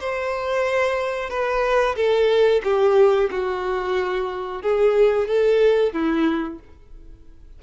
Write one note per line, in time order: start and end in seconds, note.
0.00 1.30 C5
1.30 1.96 B4
1.96 2.62 A4
2.64 3.30 G4
3.31 4.62 F#4
4.62 5.28 G#4
5.28 5.93 A4
5.93 6.59 E4